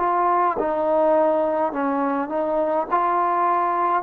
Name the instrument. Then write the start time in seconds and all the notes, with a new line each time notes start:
trombone
0.00 F4
0.59 D#4
1.73 C#4
2.29 D#4
2.91 F4